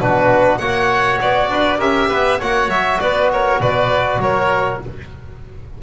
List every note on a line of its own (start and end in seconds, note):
0.00 0.59 B2
0.00 0.60 D4
0.00 0.59 F#4
0.00 0.58 B4
0.58 1.19 A#3
0.58 1.78 F#4
0.58 1.49 C#5
0.58 1.18 F#5
1.21 1.49 B3
1.21 1.80 D5
1.49 1.79 D4
1.49 1.78 B4
1.78 2.09 C#4
1.78 2.38 G4
1.78 2.08 A#4
1.78 2.40 E5
2.08 2.40 B3
2.08 2.39 B4
2.39 2.68 A#3
2.39 4.81 F#4
2.39 2.98 C#5
2.39 2.70 F#5
2.68 2.98 F#3
2.68 3.00 E5
3.00 3.60 B3
3.00 3.32 B4
3.00 3.30 D5
3.32 3.60 A#4
3.32 3.61 C#5
3.60 4.18 B2
3.60 4.20 B4
3.60 4.21 D5
4.18 4.78 F#3
4.18 4.82 A#4
4.18 4.81 C#5